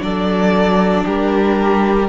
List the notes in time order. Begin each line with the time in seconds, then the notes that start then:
0.00 F#3 D4 A4 D5
1.06 G3 G4 A#4